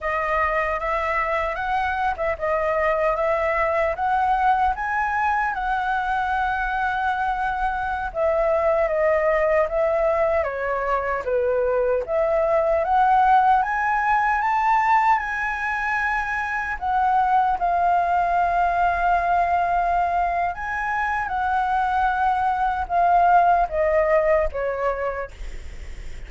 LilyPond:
\new Staff \with { instrumentName = "flute" } { \time 4/4 \tempo 4 = 76 dis''4 e''4 fis''8. e''16 dis''4 | e''4 fis''4 gis''4 fis''4~ | fis''2~ fis''16 e''4 dis''8.~ | dis''16 e''4 cis''4 b'4 e''8.~ |
e''16 fis''4 gis''4 a''4 gis''8.~ | gis''4~ gis''16 fis''4 f''4.~ f''16~ | f''2 gis''4 fis''4~ | fis''4 f''4 dis''4 cis''4 | }